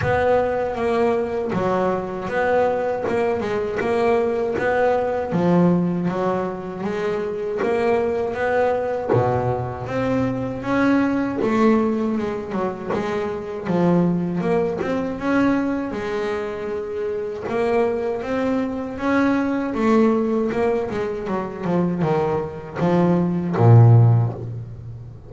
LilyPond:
\new Staff \with { instrumentName = "double bass" } { \time 4/4 \tempo 4 = 79 b4 ais4 fis4 b4 | ais8 gis8 ais4 b4 f4 | fis4 gis4 ais4 b4 | b,4 c'4 cis'4 a4 |
gis8 fis8 gis4 f4 ais8 c'8 | cis'4 gis2 ais4 | c'4 cis'4 a4 ais8 gis8 | fis8 f8 dis4 f4 ais,4 | }